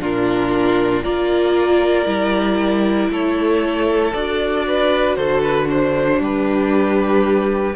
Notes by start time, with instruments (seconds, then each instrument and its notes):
0.00 cello A#2, viola D4, violin F4 A#4
1.03 cello A#3, viola F4, violin A#4 D5
2.05 cello G3, viola E4
3.09 cello A3, violin A4 C#5
4.13 cello D4, viola F#4, violin D5
4.67 violin B4
5.15 cello D3, violin A4 C5
5.42 violin B4
5.65 violin D4 C5
6.19 cello G3, viola G4, violin B4